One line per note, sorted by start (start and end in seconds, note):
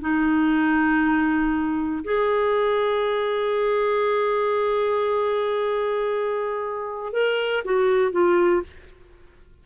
0.00 2.03 D#4
2.04 7.12 G#4
7.12 7.63 A#4
7.64 8.11 F#4
8.11 8.62 F4